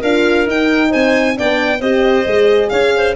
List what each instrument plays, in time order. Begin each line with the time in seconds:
0.00 tuba D4, horn F4, clarinet A#4, violin F5
0.47 tuba D#4, horn D#4, violin G5
0.90 tuba C4, clarinet C5, violin G#5
1.35 tuba B3, horn D4, clarinet D5, violin G5
1.80 tuba C4, horn G4, clarinet C5, violin D#5
2.26 tuba G#3, horn G#4
2.70 tuba C#4, clarinet C#5, violin F5
2.97 clarinet C5